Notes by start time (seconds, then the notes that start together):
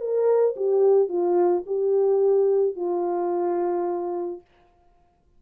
0.00 A#4
0.56 G4
1.09 F4
1.66 G4
2.76 F4